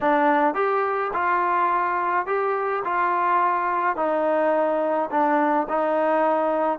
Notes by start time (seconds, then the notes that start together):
0.00 D4
0.54 G4
1.13 F4
2.26 G4
2.84 F4
3.96 D#4
5.10 D4
5.69 D#4